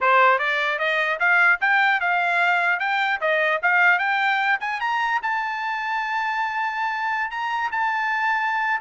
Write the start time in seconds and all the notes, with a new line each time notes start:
0.01 C5
0.38 D5
0.78 D#5
1.19 F5
1.61 G5
2.00 F5
2.79 G5
3.21 D#5
3.62 F5
3.99 G5
4.60 G#5
4.80 A#5
5.22 A5
7.30 A#5
7.71 A5